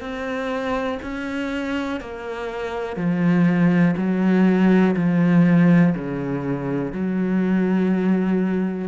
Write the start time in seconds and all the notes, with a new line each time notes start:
0.00 C4
1.02 C#4
2.00 A#3
2.96 F3
3.97 F#3
4.96 F3
5.95 C#3
6.92 F#3